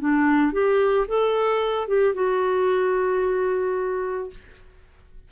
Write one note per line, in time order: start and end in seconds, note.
0.00 0.53 D4
0.53 1.07 G4
1.08 1.88 A4
1.88 2.14 G4
2.14 4.30 F#4